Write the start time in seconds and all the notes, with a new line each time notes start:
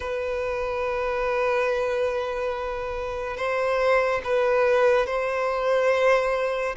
0.00 B4
3.36 C5
4.24 B4
5.06 C5